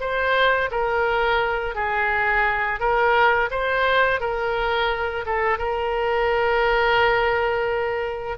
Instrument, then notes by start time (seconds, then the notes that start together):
oboe
0.00 C5
0.71 A#4
1.75 G#4
2.79 A#4
3.50 C5
4.20 A#4
5.26 A4
5.58 A#4